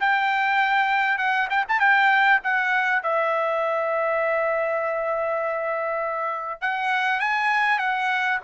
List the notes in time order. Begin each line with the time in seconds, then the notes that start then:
0.00 G5
1.18 F#5
1.50 G5
1.68 A5
1.79 G5
2.44 F#5
3.02 E5
6.61 F#5
7.20 G#5
7.79 F#5